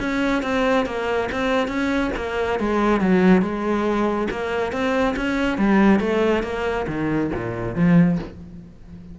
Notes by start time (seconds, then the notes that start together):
0.00 C#4
0.43 C4
0.86 A#3
1.32 C4
1.68 C#4
2.17 A#3
2.60 G#3
3.01 F#3
3.42 G#3
4.31 A#3
4.72 C4
5.16 C#4
5.58 G3
6.00 A3
6.43 A#3
6.88 D#3
7.35 A#2
7.76 F3